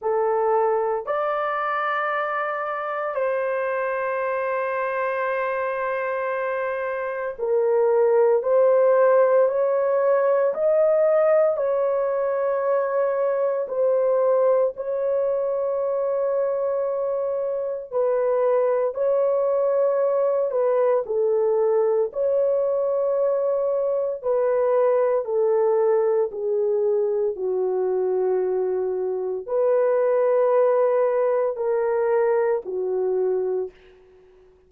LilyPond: \new Staff \with { instrumentName = "horn" } { \time 4/4 \tempo 4 = 57 a'4 d''2 c''4~ | c''2. ais'4 | c''4 cis''4 dis''4 cis''4~ | cis''4 c''4 cis''2~ |
cis''4 b'4 cis''4. b'8 | a'4 cis''2 b'4 | a'4 gis'4 fis'2 | b'2 ais'4 fis'4 | }